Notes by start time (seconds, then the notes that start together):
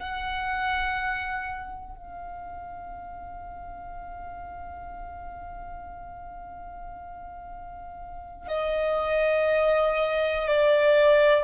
0.00 F#5
1.97 F5
8.47 D#5
10.47 D5